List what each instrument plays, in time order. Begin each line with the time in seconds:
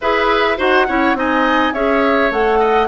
0.01 bassoon E4, clarinet G#4, oboe B4, flute E5
0.57 bassoon D#4, clarinet F#4, oboe C5, flute F#5
0.87 bassoon C#4, clarinet E4, oboe C#5
1.14 bassoon C4, clarinet D#4, oboe D#5, flute G#5
1.73 bassoon C#4, clarinet G#4, oboe C#5, flute E5
2.31 bassoon A3, clarinet A4, flute F#5
2.59 oboe D#5